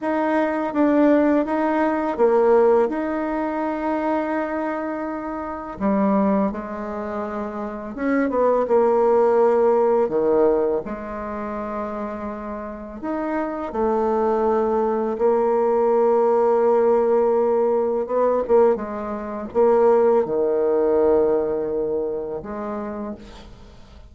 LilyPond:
\new Staff \with { instrumentName = "bassoon" } { \time 4/4 \tempo 4 = 83 dis'4 d'4 dis'4 ais4 | dis'1 | g4 gis2 cis'8 b8 | ais2 dis4 gis4~ |
gis2 dis'4 a4~ | a4 ais2.~ | ais4 b8 ais8 gis4 ais4 | dis2. gis4 | }